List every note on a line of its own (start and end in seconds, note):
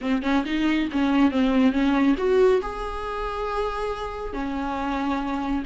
0.01 0.22 C4
0.22 0.44 C#4
0.45 0.88 D#4
0.92 1.31 C#4
1.31 1.72 C4
1.72 2.15 C#4
2.17 2.61 F#4
2.62 4.33 G#4
4.33 5.63 C#4